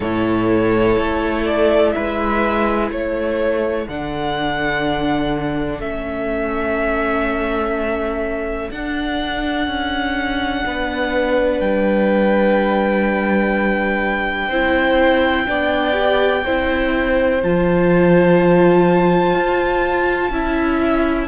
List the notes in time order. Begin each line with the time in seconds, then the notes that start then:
0.00 A2 E4 A4 C#5
0.98 A3
1.45 D5
1.92 G#3 B4 E5
2.90 A3 A4 C#5
3.87 D3 D4 F#5
5.79 A3 C#4 E5
8.70 D4 F#5
9.67 C#4
10.65 B3 B4
11.60 G3 G5
14.47 C4 E4 C5
15.46 B3 D4 D5
15.93 G4
16.44 C4 E4 C5
17.42 F3 F4 A5
19.34 F4
20.29 C#4 E4 E5